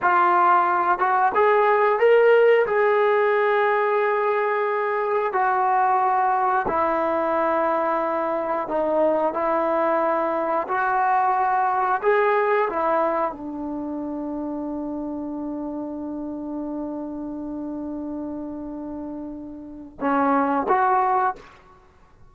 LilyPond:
\new Staff \with { instrumentName = "trombone" } { \time 4/4 \tempo 4 = 90 f'4. fis'8 gis'4 ais'4 | gis'1 | fis'2 e'2~ | e'4 dis'4 e'2 |
fis'2 gis'4 e'4 | d'1~ | d'1~ | d'2 cis'4 fis'4 | }